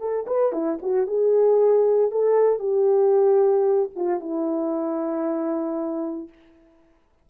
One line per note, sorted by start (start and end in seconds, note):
0.00 0.26 A4
0.27 0.52 B4
0.52 0.78 E4
0.82 1.07 F#4
1.07 2.11 G#4
2.11 2.59 A4
2.59 3.89 G4
3.96 4.20 F4
4.20 6.29 E4